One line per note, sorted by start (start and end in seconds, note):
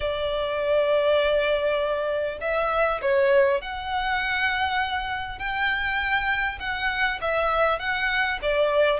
0.00 2.38 D5
2.40 3.00 E5
3.01 3.61 C#5
3.61 5.38 F#5
5.38 6.58 G5
6.59 7.19 F#5
7.21 7.79 E5
7.79 8.39 F#5
8.42 8.99 D5